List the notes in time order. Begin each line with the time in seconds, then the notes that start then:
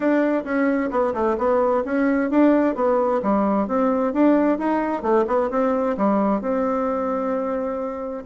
0.00 D4
0.44 C#4
0.90 B3
1.13 A3
1.37 B3
1.84 C#4
2.30 D4
2.75 B3
3.22 G3
3.67 C4
4.13 D4
4.58 D#4
5.02 A3
5.27 B3
5.50 C4
5.97 G3
6.41 C4